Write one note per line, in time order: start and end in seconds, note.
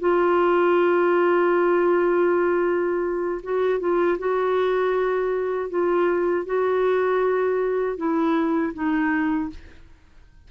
0.00 3.42 F4
3.43 3.80 F#4
3.80 4.18 F4
4.19 5.70 F#4
5.70 6.46 F4
6.46 7.97 F#4
7.97 8.73 E4
8.74 9.50 D#4